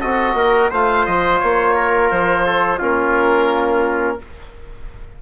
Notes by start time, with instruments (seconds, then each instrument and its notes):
0.00 bassoon C4, trombone F#4, trumpet A4, oboe D#5
0.34 bassoon A#3, trumpet A#4
0.70 bassoon A3, trombone F4, trumpet C5, oboe F5
1.06 bassoon F3, oboe D#5
1.39 bassoon A#3, oboe C#5
1.76 trumpet A#4
2.10 bassoon F3, oboe C5
2.46 trumpet A4
2.78 bassoon A#3, trombone C#4, trumpet F4, oboe A#4